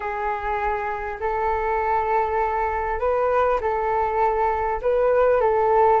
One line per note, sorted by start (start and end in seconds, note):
0.00 1.18 G#4
1.19 2.99 A4
2.99 3.59 B4
3.60 4.80 A4
4.81 5.40 B4
5.40 6.00 A4